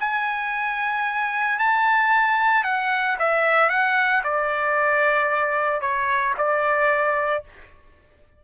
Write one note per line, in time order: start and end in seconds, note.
0.00 1.59 G#5
1.59 2.64 A5
2.64 3.17 F#5
3.19 3.70 E5
3.70 4.23 F#5
4.24 5.81 D5
5.81 6.34 C#5
6.38 7.44 D5